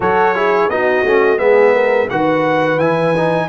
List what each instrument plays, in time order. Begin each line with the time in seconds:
0.00 tuba F#3, trombone F#4, horn A4, trumpet C#5
0.35 trombone E4, horn G#4
0.68 tuba B3, trombone D#4, horn F#4, trumpet D#5
1.05 tuba A3, trombone C#4
1.37 tuba G#3, trombone B3, horn G#4, trumpet E5
1.73 horn A#4
2.08 tuba D#3, trombone F#4, horn B4, trumpet F#5
2.77 tuba E3, trombone E4, trumpet G#5
3.17 trombone D#4